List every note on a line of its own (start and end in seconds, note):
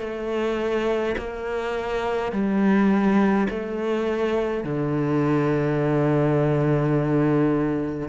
0.00 1.16 A3
1.18 2.32 A#3
2.32 3.48 G3
3.50 4.64 A3
4.64 8.09 D3